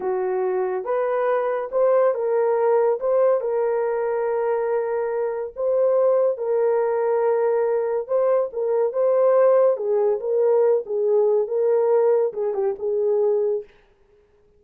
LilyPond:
\new Staff \with { instrumentName = "horn" } { \time 4/4 \tempo 4 = 141 fis'2 b'2 | c''4 ais'2 c''4 | ais'1~ | ais'4 c''2 ais'4~ |
ais'2. c''4 | ais'4 c''2 gis'4 | ais'4. gis'4. ais'4~ | ais'4 gis'8 g'8 gis'2 | }